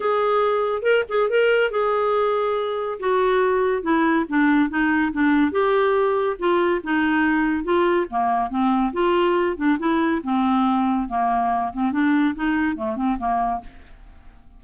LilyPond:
\new Staff \with { instrumentName = "clarinet" } { \time 4/4 \tempo 4 = 141 gis'2 ais'8 gis'8 ais'4 | gis'2. fis'4~ | fis'4 e'4 d'4 dis'4 | d'4 g'2 f'4 |
dis'2 f'4 ais4 | c'4 f'4. d'8 e'4 | c'2 ais4. c'8 | d'4 dis'4 a8 c'8 ais4 | }